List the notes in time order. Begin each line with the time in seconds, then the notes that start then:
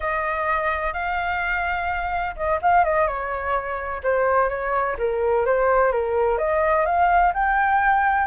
0.00 D#5
0.93 F5
2.36 D#5
2.62 F5
2.84 D#5
3.07 C#5
4.03 C5
4.49 C#5
4.98 A#4
5.45 C5
5.92 A#4
6.38 D#5
6.85 F5
7.33 G5